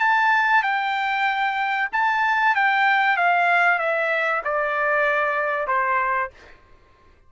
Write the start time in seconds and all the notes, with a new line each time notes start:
0.00 A5
0.63 G5
1.92 A5
2.55 G5
3.17 F5
3.79 E5
4.44 D5
5.67 C5